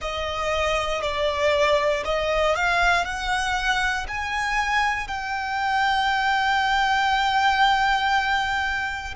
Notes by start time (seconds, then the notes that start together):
0.01 D#5
1.02 D5
2.04 D#5
2.55 F5
3.04 F#5
4.07 G#5
5.07 G5